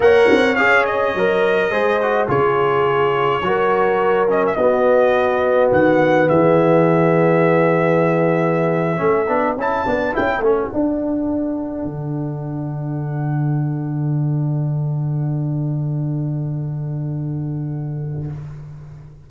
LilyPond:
<<
  \new Staff \with { instrumentName = "trumpet" } { \time 4/4 \tempo 4 = 105 fis''4 f''8 dis''2~ dis''8 | cis''2.~ cis''8 dis''16 e''16 | dis''2 fis''4 e''4~ | e''1~ |
e''8. a''4 g''8 fis''4.~ fis''16~ | fis''1~ | fis''1~ | fis''1 | }
  \new Staff \with { instrumentName = "horn" } { \time 4/4 cis''2. c''4 | gis'2 ais'2 | fis'2. gis'4~ | gis'2.~ gis'8. a'16~ |
a'1~ | a'1~ | a'1~ | a'1 | }
  \new Staff \with { instrumentName = "trombone" } { \time 4/4 ais'4 gis'4 ais'4 gis'8 fis'8 | f'2 fis'4. cis'8 | b1~ | b2.~ b8. cis'16~ |
cis'16 d'8 e'8 d'8 e'8 cis'8 d'4~ d'16~ | d'1~ | d'1~ | d'1 | }
  \new Staff \with { instrumentName = "tuba" } { \time 4/4 ais8 c'8 cis'4 fis4 gis4 | cis2 fis2 | b2 dis4 e4~ | e2.~ e8. a16~ |
a16 b8 cis'8 b8 cis'8 a8 d'4~ d'16~ | d'8. d2.~ d16~ | d1~ | d1 | }
>>